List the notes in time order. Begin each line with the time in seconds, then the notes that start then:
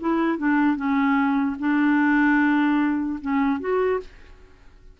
0.00 E4
0.38 D4
0.76 C#4
1.59 D4
3.21 C#4
3.60 F#4